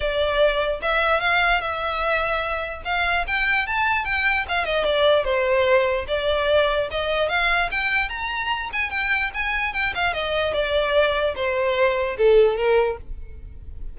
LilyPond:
\new Staff \with { instrumentName = "violin" } { \time 4/4 \tempo 4 = 148 d''2 e''4 f''4 | e''2. f''4 | g''4 a''4 g''4 f''8 dis''8 | d''4 c''2 d''4~ |
d''4 dis''4 f''4 g''4 | ais''4. gis''8 g''4 gis''4 | g''8 f''8 dis''4 d''2 | c''2 a'4 ais'4 | }